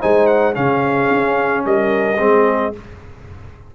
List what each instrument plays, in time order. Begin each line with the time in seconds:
0.00 tuba G#3, trombone D#4, horn C5, trumpet G#5
0.26 trumpet F#5
0.53 tuba C#3, trombone C#4, horn G#4, trumpet F5
1.10 tuba C#4
1.65 tuba G3, horn A#4, trumpet D#5
2.18 tuba G#3, trombone C4, horn G#4